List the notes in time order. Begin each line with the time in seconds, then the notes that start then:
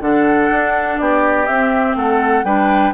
0.00 D3 D4 A4 F#5
0.50 D4
0.98 B3 G4 D5
1.46 C4 E5
1.95 A3 A4 F#5
2.43 G3 D4 B4 G5